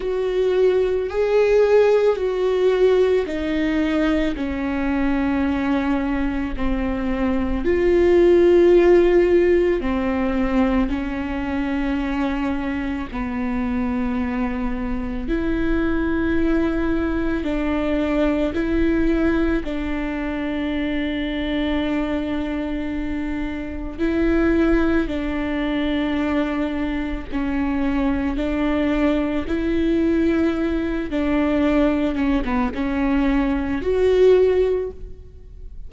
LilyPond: \new Staff \with { instrumentName = "viola" } { \time 4/4 \tempo 4 = 55 fis'4 gis'4 fis'4 dis'4 | cis'2 c'4 f'4~ | f'4 c'4 cis'2 | b2 e'2 |
d'4 e'4 d'2~ | d'2 e'4 d'4~ | d'4 cis'4 d'4 e'4~ | e'8 d'4 cis'16 b16 cis'4 fis'4 | }